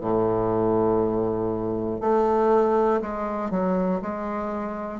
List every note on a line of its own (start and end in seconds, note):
0.00 2.00 A2
2.00 3.00 A3
3.01 3.50 G#3
3.50 4.00 F#3
4.02 5.00 G#3